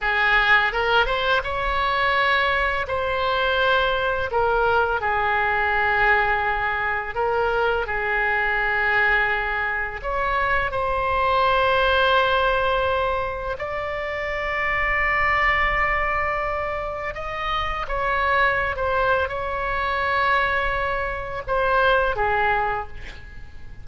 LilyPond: \new Staff \with { instrumentName = "oboe" } { \time 4/4 \tempo 4 = 84 gis'4 ais'8 c''8 cis''2 | c''2 ais'4 gis'4~ | gis'2 ais'4 gis'4~ | gis'2 cis''4 c''4~ |
c''2. d''4~ | d''1 | dis''4 cis''4~ cis''16 c''8. cis''4~ | cis''2 c''4 gis'4 | }